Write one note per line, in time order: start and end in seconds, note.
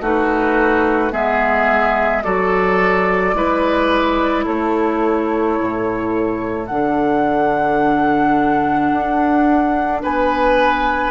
0.00 1.11 A3
0.00 1.11 D#4
0.00 1.12 F#4
0.00 1.12 B4
1.11 2.23 G#3
1.11 2.22 B3
1.11 2.23 G#4
1.11 2.23 E5
2.23 3.34 F#3
2.23 3.34 F#4
2.23 3.35 A4
2.23 4.45 D5
3.34 4.45 G#3
3.34 6.67 E4
3.34 4.44 B4
4.44 5.58 A3
4.44 10.00 A4
4.44 6.66 C#5
5.59 6.70 A2
6.66 8.92 D3
6.66 11.11 D4
6.66 9.99 F#5
8.92 10.03 D4
10.02 11.11 B3
10.02 11.11 B4
10.02 11.11 G#5